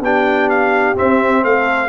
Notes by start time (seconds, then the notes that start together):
0.00 B3 D4 G4 G5
0.49 F5
0.95 C4 E5
1.44 A3 A4 F5